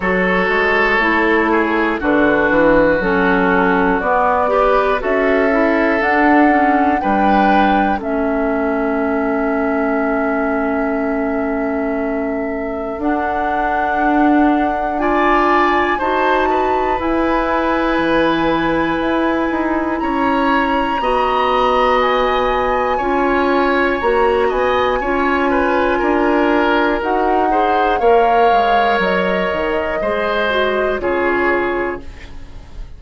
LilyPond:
<<
  \new Staff \with { instrumentName = "flute" } { \time 4/4 \tempo 4 = 60 cis''2 b'4 a'4 | d''4 e''4 fis''4 g''4 | e''1~ | e''4 fis''2 gis''4 |
a''4 gis''2. | ais''2 gis''2 | ais''8 gis''2~ gis''8 fis''4 | f''4 dis''2 cis''4 | }
  \new Staff \with { instrumentName = "oboe" } { \time 4/4 a'4. gis'8 fis'2~ | fis'8 b'8 a'2 b'4 | a'1~ | a'2. d''4 |
c''8 b'2.~ b'8 | cis''4 dis''2 cis''4~ | cis''8 dis''8 cis''8 b'8 ais'4. c''8 | cis''2 c''4 gis'4 | }
  \new Staff \with { instrumentName = "clarinet" } { \time 4/4 fis'4 e'4 d'4 cis'4 | b8 g'8 fis'8 e'8 d'8 cis'8 d'4 | cis'1~ | cis'4 d'2 f'4 |
fis'4 e'2.~ | e'4 fis'2 f'4 | fis'4 f'2 fis'8 gis'8 | ais'2 gis'8 fis'8 f'4 | }
  \new Staff \with { instrumentName = "bassoon" } { \time 4/4 fis8 gis8 a4 d8 e8 fis4 | b4 cis'4 d'4 g4 | a1~ | a4 d'2. |
dis'4 e'4 e4 e'8 dis'8 | cis'4 b2 cis'4 | ais8 b8 cis'4 d'4 dis'4 | ais8 gis8 fis8 dis8 gis4 cis4 | }
>>